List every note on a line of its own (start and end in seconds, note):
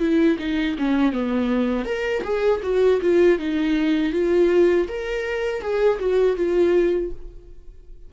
0.00 0.38 E4
0.39 0.76 D#4
0.78 1.12 C#4
1.12 1.85 B3
1.85 2.23 A#4
2.24 2.61 G#4
2.63 3.00 F#4
3.02 3.39 F4
3.39 4.12 D#4
4.12 4.88 F4
4.88 5.61 A#4
5.61 5.99 G#4
5.99 6.36 F#4
6.36 7.11 F4